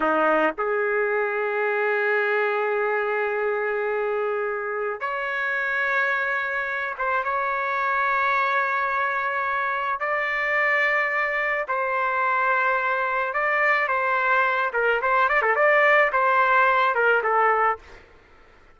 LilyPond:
\new Staff \with { instrumentName = "trumpet" } { \time 4/4 \tempo 4 = 108 dis'4 gis'2.~ | gis'1~ | gis'4 cis''2.~ | cis''8 c''8 cis''2.~ |
cis''2 d''2~ | d''4 c''2. | d''4 c''4. ais'8 c''8 d''16 a'16 | d''4 c''4. ais'8 a'4 | }